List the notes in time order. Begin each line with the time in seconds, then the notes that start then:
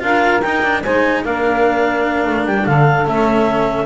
0.00 D4 F4 A#4 F5
0.41 D#4 G5
0.63 D4
0.83 G#3 D#4 C5 G#5
1.24 A#3 D4 A#4 F5
2.26 A3
2.46 G3 G5
2.65 D3 A4 F5
3.05 A3 C#4 E5